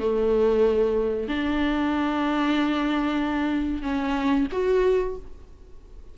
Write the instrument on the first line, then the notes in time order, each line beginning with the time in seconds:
viola
0.00 A3
1.29 D4
3.83 C#4
4.52 F#4